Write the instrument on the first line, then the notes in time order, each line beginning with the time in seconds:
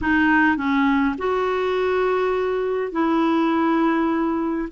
clarinet
0.01 D#4
0.56 C#4
1.18 F#4
2.92 E4